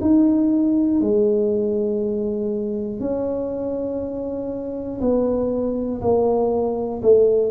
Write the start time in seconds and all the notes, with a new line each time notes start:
0.00 D#4
1.00 G#3
3.00 C#4
5.00 B3
6.01 A#3
7.02 A3